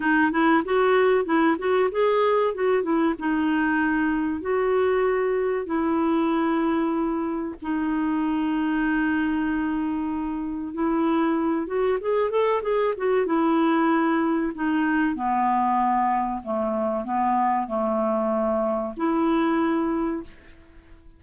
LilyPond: \new Staff \with { instrumentName = "clarinet" } { \time 4/4 \tempo 4 = 95 dis'8 e'8 fis'4 e'8 fis'8 gis'4 | fis'8 e'8 dis'2 fis'4~ | fis'4 e'2. | dis'1~ |
dis'4 e'4. fis'8 gis'8 a'8 | gis'8 fis'8 e'2 dis'4 | b2 a4 b4 | a2 e'2 | }